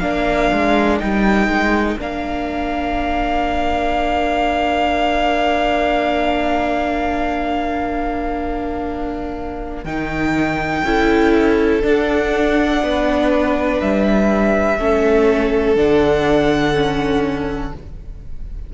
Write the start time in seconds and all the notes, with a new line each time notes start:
0.00 A#3 D4 A#4 F5
0.52 G#3
1.00 G3 D#4 G5
1.48 G#3
1.99 A#3 D4 F5
9.85 D#3 D#4 G5
10.84 C#4 E4 A4
11.83 D4 F#5
12.83 B3 B4
13.81 G3 E5
14.79 A3 C#4 A4
15.76 D3 D4 F#5
16.74 C#4